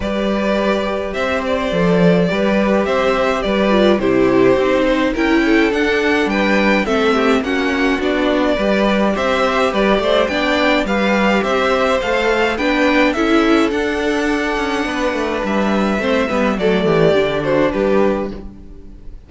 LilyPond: <<
  \new Staff \with { instrumentName = "violin" } { \time 4/4 \tempo 4 = 105 d''2 e''8 d''4.~ | d''4 e''4 d''4 c''4~ | c''4 g''4 fis''4 g''4 | e''4 fis''4 d''2 |
e''4 d''4 g''4 f''4 | e''4 f''4 g''4 e''4 | fis''2. e''4~ | e''4 d''4. c''8 b'4 | }
  \new Staff \with { instrumentName = "violin" } { \time 4/4 b'2 c''2 | b'4 c''4 b'4 g'4~ | g'8 c''8 ais'8 a'4. b'4 | a'8 g'8 fis'2 b'4 |
c''4 b'8 c''8 d''4 b'4 | c''2 b'4 a'4~ | a'2 b'2 | c''8 b'8 a'8 g'4 fis'8 g'4 | }
  \new Staff \with { instrumentName = "viola" } { \time 4/4 g'2. a'4 | g'2~ g'8 f'8 e'4 | dis'4 e'4 d'2 | c'4 cis'4 d'4 g'4~ |
g'2 d'4 g'4~ | g'4 a'4 d'4 e'4 | d'1 | c'8 b8 a4 d'2 | }
  \new Staff \with { instrumentName = "cello" } { \time 4/4 g2 c'4 f4 | g4 c'4 g4 c4 | c'4 cis'4 d'4 g4 | a4 ais4 b4 g4 |
c'4 g8 a8 b4 g4 | c'4 a4 b4 cis'4 | d'4. cis'8 b8 a8 g4 | a8 g8 fis8 e8 d4 g4 | }
>>